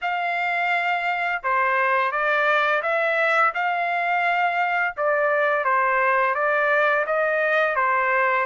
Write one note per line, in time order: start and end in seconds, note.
0.01 1.42 F5
1.43 2.11 C5
2.11 2.82 D5
2.82 3.53 E5
3.54 4.95 F5
4.96 5.64 D5
5.64 6.34 C5
6.34 7.05 D5
7.06 7.75 D#5
7.75 8.45 C5